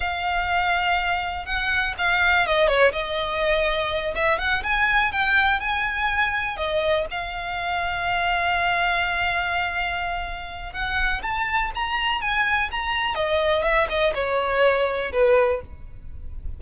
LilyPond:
\new Staff \with { instrumentName = "violin" } { \time 4/4 \tempo 4 = 123 f''2. fis''4 | f''4 dis''8 cis''8 dis''2~ | dis''8 e''8 fis''8 gis''4 g''4 gis''8~ | gis''4. dis''4 f''4.~ |
f''1~ | f''2 fis''4 a''4 | ais''4 gis''4 ais''4 dis''4 | e''8 dis''8 cis''2 b'4 | }